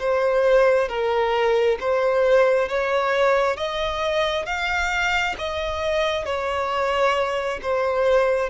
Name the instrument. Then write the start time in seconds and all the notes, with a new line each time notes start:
violin
0.00 C5
0.89 A#4
1.81 C5
2.69 C#5
3.57 D#5
4.46 F5
5.39 D#5
6.26 C#5
7.63 C5